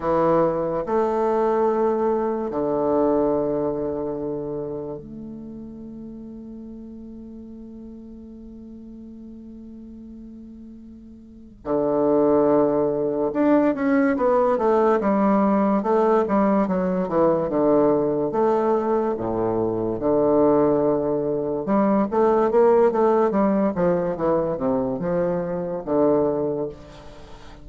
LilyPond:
\new Staff \with { instrumentName = "bassoon" } { \time 4/4 \tempo 4 = 72 e4 a2 d4~ | d2 a2~ | a1~ | a2 d2 |
d'8 cis'8 b8 a8 g4 a8 g8 | fis8 e8 d4 a4 a,4 | d2 g8 a8 ais8 a8 | g8 f8 e8 c8 f4 d4 | }